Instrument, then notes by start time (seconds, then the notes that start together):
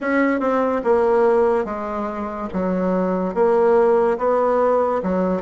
bassoon
0.00 C#4
0.39 C4
0.84 A#3
1.64 G#3
2.53 F#3
3.34 A#3
4.18 B3
5.02 F#3